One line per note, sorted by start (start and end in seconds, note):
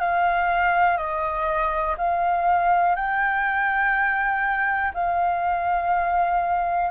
0.00 0.97 F5
0.97 1.95 D#5
1.98 2.96 F5
2.96 4.92 G5
4.94 6.90 F5